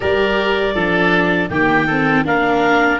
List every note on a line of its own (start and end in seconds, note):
0.00 0.74 G3
0.00 0.74 G4
0.00 0.74 A#4
0.00 1.49 D5
0.74 1.49 F3
0.74 1.50 D4
0.74 1.49 A4
1.49 2.24 D#3
1.49 1.87 A#3
1.49 1.86 G4
1.49 2.24 G5
1.86 2.25 C4
1.86 2.24 A4
2.24 2.99 A#3
2.24 2.99 D4
2.24 2.99 A#4
2.24 2.99 F5